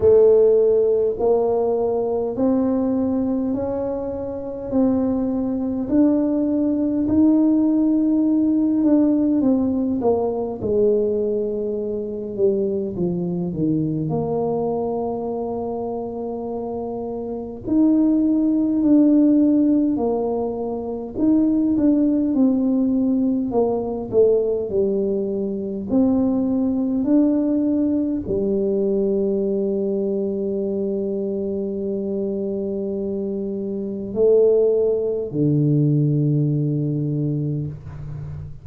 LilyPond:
\new Staff \with { instrumentName = "tuba" } { \time 4/4 \tempo 4 = 51 a4 ais4 c'4 cis'4 | c'4 d'4 dis'4. d'8 | c'8 ais8 gis4. g8 f8 dis8 | ais2. dis'4 |
d'4 ais4 dis'8 d'8 c'4 | ais8 a8 g4 c'4 d'4 | g1~ | g4 a4 d2 | }